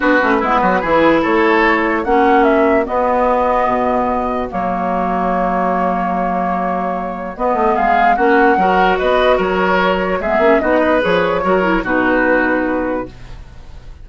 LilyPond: <<
  \new Staff \with { instrumentName = "flute" } { \time 4/4 \tempo 4 = 147 b'2. cis''4~ | cis''4 fis''4 e''4 dis''4~ | dis''2. cis''4~ | cis''1~ |
cis''2 dis''4 f''4 | fis''2 dis''4 cis''4~ | cis''4 e''4 dis''4 cis''4~ | cis''4 b'2. | }
  \new Staff \with { instrumentName = "oboe" } { \time 4/4 fis'4 e'8 fis'8 gis'4 a'4~ | a'4 fis'2.~ | fis'1~ | fis'1~ |
fis'2. gis'4 | fis'4 ais'4 b'4 ais'4~ | ais'4 gis'4 fis'8 b'4. | ais'4 fis'2. | }
  \new Staff \with { instrumentName = "clarinet" } { \time 4/4 d'8 cis'8 b4 e'2~ | e'4 cis'2 b4~ | b2. ais4~ | ais1~ |
ais2 b2 | cis'4 fis'2.~ | fis'4 b8 cis'8 dis'4 gis'4 | fis'8 e'8 dis'2. | }
  \new Staff \with { instrumentName = "bassoon" } { \time 4/4 b8 a8 gis8 fis8 e4 a4~ | a4 ais2 b4~ | b4 b,2 fis4~ | fis1~ |
fis2 b8 a8 gis4 | ais4 fis4 b4 fis4~ | fis4 gis8 ais8 b4 f4 | fis4 b,2. | }
>>